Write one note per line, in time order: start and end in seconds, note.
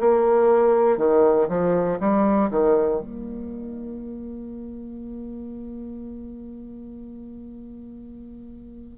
0.00 0.98 A#3
0.98 1.48 D#3
1.49 1.99 F3
2.00 2.50 G3
2.50 3.00 D#3
3.00 8.98 A#3